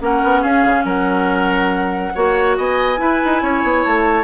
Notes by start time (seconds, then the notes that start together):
0.00 A#3 C#4 A#4 F#5
0.23 B3
0.42 C#4 G#4 F5
0.65 C#3
0.84 F#3 A#4 F#5
2.15 A#3 F#4 C#5
2.56 B3 D#5 G#5
2.96 E4 B4
3.25 D#4
3.42 C#4 C#5
3.63 B3
3.84 A3 A5